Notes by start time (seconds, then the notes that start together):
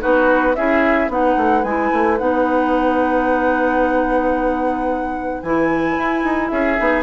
0.00 B3 D#4 F#4 B4
0.56 C#4 E4 G#4 E5
1.08 B3 D#4 B4 F#5
1.37 A3
1.64 G#3 E4 G#5
1.93 A3
2.18 B3 D#4 F#5
5.43 E3 E4 G#5
5.97 E4
6.23 D#4
6.48 C#4 G#4 E5
6.78 B3 D#4